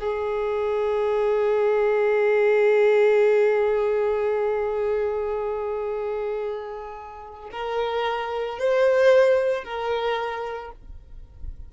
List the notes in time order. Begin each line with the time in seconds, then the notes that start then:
0.00 G#4
7.52 A#4
8.60 C5
9.64 A#4